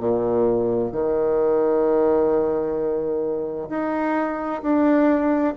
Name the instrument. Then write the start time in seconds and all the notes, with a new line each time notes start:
bassoon
0.00 A#2
0.92 D#3
3.70 D#4
4.62 D4